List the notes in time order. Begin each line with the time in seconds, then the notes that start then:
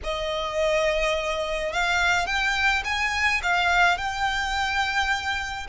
0.03 D#5
1.72 F5
2.26 G5
2.84 G#5
3.42 F5
3.97 G5